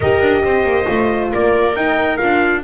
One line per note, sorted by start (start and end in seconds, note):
0.00 0.21 D#4
0.00 0.86 G4
0.00 0.44 A#4
0.00 1.29 D#5
0.21 0.43 D4
0.43 0.63 C4
0.43 1.32 C5
0.63 0.85 A#3
0.86 1.32 A3
0.86 1.74 F4
1.32 1.74 A#3
1.32 2.63 A#4
1.32 1.76 D5
1.74 2.18 D#4
1.74 2.17 G5
2.17 2.63 D4
2.17 2.62 F4
2.17 2.61 F5